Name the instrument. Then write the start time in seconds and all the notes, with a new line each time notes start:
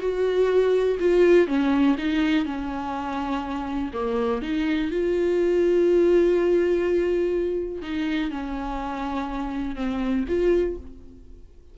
viola
0.00 F#4
1.00 F4
1.47 C#4
1.98 D#4
2.45 C#4
3.93 A#3
4.42 D#4
4.91 F4
7.82 D#4
8.31 C#4
9.76 C4
10.28 F4